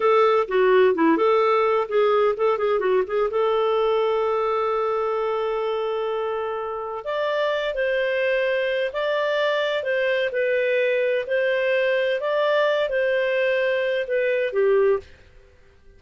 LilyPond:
\new Staff \with { instrumentName = "clarinet" } { \time 4/4 \tempo 4 = 128 a'4 fis'4 e'8 a'4. | gis'4 a'8 gis'8 fis'8 gis'8 a'4~ | a'1~ | a'2. d''4~ |
d''8 c''2~ c''8 d''4~ | d''4 c''4 b'2 | c''2 d''4. c''8~ | c''2 b'4 g'4 | }